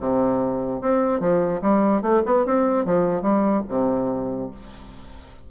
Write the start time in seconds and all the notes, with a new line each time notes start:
0.00 C3
0.81 C4
1.20 F3
1.62 G3
2.02 A3
2.26 B3
2.46 C4
2.85 F3
3.22 G3
3.69 C3